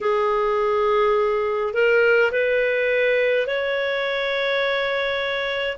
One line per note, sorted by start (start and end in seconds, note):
0.00 1.73 G#4
1.73 2.31 A#4
2.31 3.46 B4
3.46 5.77 C#5